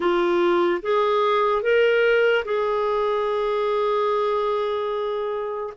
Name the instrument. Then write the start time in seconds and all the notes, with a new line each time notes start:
clarinet
0.00 F4
0.82 G#4
1.62 A#4
2.44 G#4